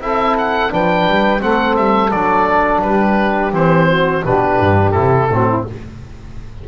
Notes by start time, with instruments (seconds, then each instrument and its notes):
0.00 double bass C4, trombone E4, saxophone A4, oboe E5
0.37 oboe F#5
0.70 double bass F3, trombone D4, saxophone B4, oboe G5
1.06 double bass G3
1.39 double bass A3, trombone C4, saxophone A4, oboe F#5
1.76 double bass G3, oboe E5
2.10 double bass F#3, trombone D4, oboe D5
2.81 double bass G3, saxophone G4, oboe B4
3.52 double bass E3, trombone C4, oboe C5
3.87 saxophone F#4
4.23 double bass B2, trombone D4, saxophone G4, oboe B4
4.60 double bass G2
4.90 double bass C3, trombone E4, oboe A4
5.30 double bass A2, trombone C4, saxophone F#4
5.47 saxophone E4